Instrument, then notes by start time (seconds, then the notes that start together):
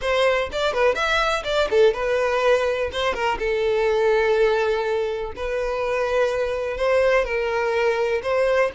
violin
0.01 C5
0.52 D5
0.73 B4
0.94 E5
1.44 D5
1.70 A4
1.93 B4
2.92 C5
3.13 A#4
3.38 A4
5.36 B4
6.77 C5
7.25 A#4
8.23 C5